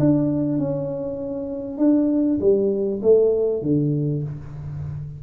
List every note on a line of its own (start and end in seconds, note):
0.00 0.59 D4
0.59 1.78 C#4
1.78 2.39 D4
2.41 3.01 G3
3.02 3.63 A3
3.63 4.23 D3